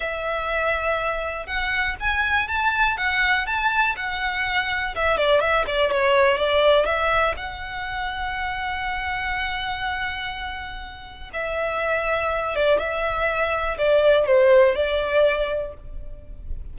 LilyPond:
\new Staff \with { instrumentName = "violin" } { \time 4/4 \tempo 4 = 122 e''2. fis''4 | gis''4 a''4 fis''4 a''4 | fis''2 e''8 d''8 e''8 d''8 | cis''4 d''4 e''4 fis''4~ |
fis''1~ | fis''2. e''4~ | e''4. d''8 e''2 | d''4 c''4 d''2 | }